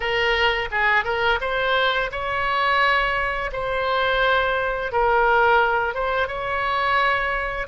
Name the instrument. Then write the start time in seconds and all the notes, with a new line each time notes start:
oboe
0.00 A#4
0.71 G#4
1.04 A#4
1.40 C5
2.11 C#5
3.52 C5
4.92 A#4
5.94 C5
6.27 C#5